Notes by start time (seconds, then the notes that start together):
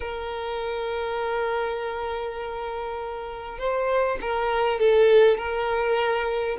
0.00 A#4
3.58 C5
4.21 A#4
4.79 A4
5.37 A#4